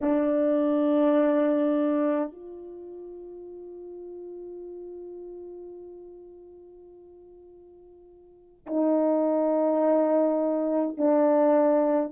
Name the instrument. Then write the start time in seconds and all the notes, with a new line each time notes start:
horn
0.01 D4
2.31 F4
8.66 D#4
10.97 D4